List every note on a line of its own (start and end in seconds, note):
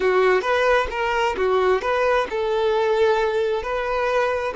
0.00 0.41 F#4
0.41 0.87 B4
0.90 1.35 A#4
1.36 1.81 F#4
1.81 2.27 B4
2.30 3.62 A4
3.62 4.53 B4